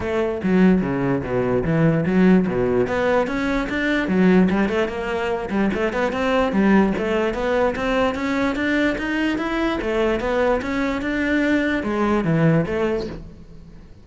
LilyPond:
\new Staff \with { instrumentName = "cello" } { \time 4/4 \tempo 4 = 147 a4 fis4 cis4 b,4 | e4 fis4 b,4 b4 | cis'4 d'4 fis4 g8 a8 | ais4. g8 a8 b8 c'4 |
g4 a4 b4 c'4 | cis'4 d'4 dis'4 e'4 | a4 b4 cis'4 d'4~ | d'4 gis4 e4 a4 | }